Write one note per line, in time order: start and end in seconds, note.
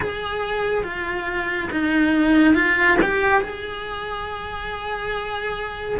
0.00 0.83 G#4
0.83 1.69 F4
1.71 2.54 D#4
2.54 2.97 F4
3.02 3.41 G4
3.41 5.98 G#4